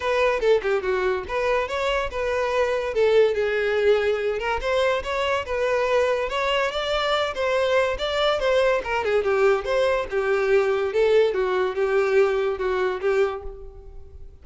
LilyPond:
\new Staff \with { instrumentName = "violin" } { \time 4/4 \tempo 4 = 143 b'4 a'8 g'8 fis'4 b'4 | cis''4 b'2 a'4 | gis'2~ gis'8 ais'8 c''4 | cis''4 b'2 cis''4 |
d''4. c''4. d''4 | c''4 ais'8 gis'8 g'4 c''4 | g'2 a'4 fis'4 | g'2 fis'4 g'4 | }